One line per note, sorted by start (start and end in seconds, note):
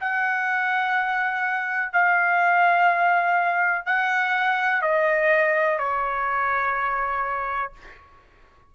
0.00 1.92 F#5
1.92 3.85 F5
3.85 4.82 F#5
4.82 5.78 D#5
5.78 7.72 C#5